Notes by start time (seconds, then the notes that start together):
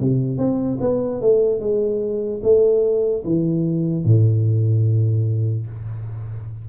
0.00 C3
0.38 C4
0.81 B3
1.22 A3
1.60 G#3
2.43 A3
3.25 E3
4.05 A2